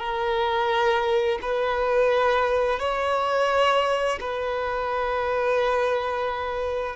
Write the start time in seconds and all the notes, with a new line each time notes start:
0.00 A#4
1.42 B4
2.80 C#5
4.21 B4